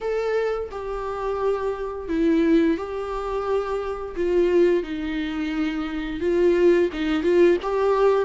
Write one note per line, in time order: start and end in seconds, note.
0.00 0.69 A4
0.71 2.08 G4
2.08 2.77 E4
2.77 4.15 G4
4.15 4.83 F4
4.83 6.20 D#4
6.20 6.89 F4
6.92 7.22 D#4
7.22 7.57 F4
7.62 8.25 G4